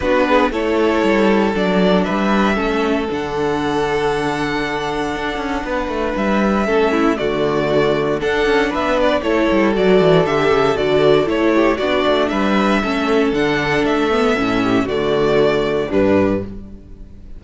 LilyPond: <<
  \new Staff \with { instrumentName = "violin" } { \time 4/4 \tempo 4 = 117 b'4 cis''2 d''4 | e''2 fis''2~ | fis''1 | e''2 d''2 |
fis''4 e''8 d''8 cis''4 d''4 | e''4 d''4 cis''4 d''4 | e''2 fis''4 e''4~ | e''4 d''2 b'4 | }
  \new Staff \with { instrumentName = "violin" } { \time 4/4 fis'8 gis'8 a'2. | b'4 a'2.~ | a'2. b'4~ | b'4 a'8 e'8 fis'2 |
a'4 b'4 a'2~ | a'2~ a'8 g'8 fis'4 | b'4 a'2.~ | a'8 g'8 fis'2 d'4 | }
  \new Staff \with { instrumentName = "viola" } { \time 4/4 d'4 e'2 d'4~ | d'4 cis'4 d'2~ | d'1~ | d'4 cis'4 a2 |
d'2 e'4 fis'4 | g'4 fis'4 e'4 d'4~ | d'4 cis'4 d'4. b8 | cis'4 a2 g4 | }
  \new Staff \with { instrumentName = "cello" } { \time 4/4 b4 a4 g4 fis4 | g4 a4 d2~ | d2 d'8 cis'8 b8 a8 | g4 a4 d2 |
d'8 cis'8 b4 a8 g8 fis8 e8 | d8 cis8 d4 a4 b8 a8 | g4 a4 d4 a4 | a,4 d2 g,4 | }
>>